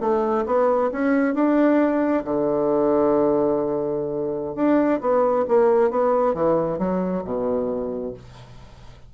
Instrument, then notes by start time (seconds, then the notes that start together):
bassoon
0.00 A3
0.46 B3
0.92 C#4
1.34 D4
2.24 D3
4.55 D4
5.00 B3
5.48 A#3
5.90 B3
6.34 E3
6.78 F#3
7.24 B2